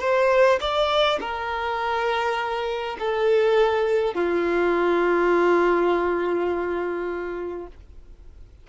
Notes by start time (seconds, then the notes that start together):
0.00 C5
0.60 D5
1.20 A#4
2.99 A4
4.14 F4